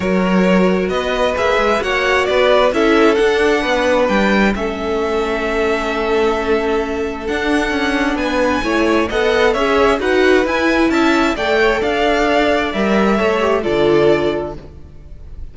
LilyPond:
<<
  \new Staff \with { instrumentName = "violin" } { \time 4/4 \tempo 4 = 132 cis''2 dis''4 e''4 | fis''4 d''4 e''4 fis''4~ | fis''4 g''4 e''2~ | e''1 |
fis''2 gis''2 | fis''4 e''4 fis''4 gis''4 | a''4 g''4 f''2 | e''2 d''2 | }
  \new Staff \with { instrumentName = "violin" } { \time 4/4 ais'2 b'2 | cis''4 b'4 a'2 | b'2 a'2~ | a'1~ |
a'2 b'4 cis''4 | dis''4 cis''4 b'2 | e''4 d''8 cis''8 d''2~ | d''4 cis''4 a'2 | }
  \new Staff \with { instrumentName = "viola" } { \time 4/4 fis'2. gis'4 | fis'2 e'4 d'4~ | d'2 cis'2~ | cis'1 |
d'2. e'4 | a'4 gis'4 fis'4 e'4~ | e'4 a'2. | ais'4 a'8 g'8 f'2 | }
  \new Staff \with { instrumentName = "cello" } { \time 4/4 fis2 b4 ais8 gis8 | ais4 b4 cis'4 d'4 | b4 g4 a2~ | a1 |
d'4 cis'4 b4 a4 | b4 cis'4 dis'4 e'4 | cis'4 a4 d'2 | g4 a4 d2 | }
>>